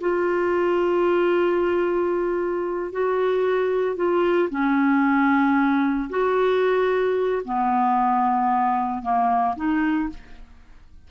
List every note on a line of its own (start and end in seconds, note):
0.00 2.92 F4
2.92 3.96 F#4
3.96 4.49 F4
4.50 6.09 C#4
6.09 7.42 F#4
7.44 9.02 B3
9.02 9.55 A#3
9.56 10.09 D#4